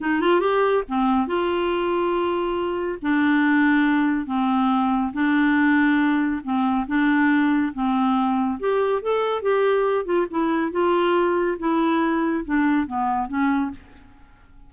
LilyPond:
\new Staff \with { instrumentName = "clarinet" } { \time 4/4 \tempo 4 = 140 dis'8 f'8 g'4 c'4 f'4~ | f'2. d'4~ | d'2 c'2 | d'2. c'4 |
d'2 c'2 | g'4 a'4 g'4. f'8 | e'4 f'2 e'4~ | e'4 d'4 b4 cis'4 | }